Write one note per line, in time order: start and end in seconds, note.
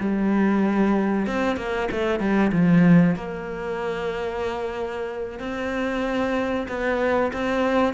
0.00 1.26 G3
1.26 1.56 C4
1.56 1.88 A#3
1.91 2.20 A3
2.20 2.51 G3
2.52 3.16 F3
3.16 5.39 A#3
5.39 6.67 C4
6.68 7.32 B3
7.33 7.94 C4